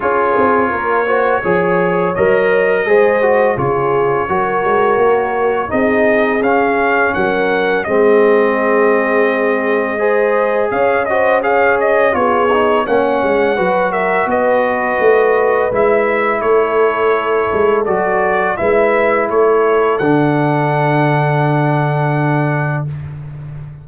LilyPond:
<<
  \new Staff \with { instrumentName = "trumpet" } { \time 4/4 \tempo 4 = 84 cis''2. dis''4~ | dis''4 cis''2. | dis''4 f''4 fis''4 dis''4~ | dis''2. f''8 dis''8 |
f''8 dis''8 cis''4 fis''4. e''8 | dis''2 e''4 cis''4~ | cis''4 d''4 e''4 cis''4 | fis''1 | }
  \new Staff \with { instrumentName = "horn" } { \time 4/4 gis'4 ais'8 c''8 cis''2 | c''4 gis'4 ais'2 | gis'2 ais'4 gis'4~ | gis'2 c''4 cis''8 c''8 |
cis''4 gis'4 cis''4 b'8 ais'8 | b'2. a'4~ | a'2 b'4 a'4~ | a'1 | }
  \new Staff \with { instrumentName = "trombone" } { \time 4/4 f'4. fis'8 gis'4 ais'4 | gis'8 fis'8 f'4 fis'2 | dis'4 cis'2 c'4~ | c'2 gis'4. fis'8 |
gis'4 f'8 dis'8 cis'4 fis'4~ | fis'2 e'2~ | e'4 fis'4 e'2 | d'1 | }
  \new Staff \with { instrumentName = "tuba" } { \time 4/4 cis'8 c'8 ais4 f4 fis4 | gis4 cis4 fis8 gis8 ais4 | c'4 cis'4 fis4 gis4~ | gis2. cis'4~ |
cis'4 b4 ais8 gis8 fis4 | b4 a4 gis4 a4~ | a8 gis8 fis4 gis4 a4 | d1 | }
>>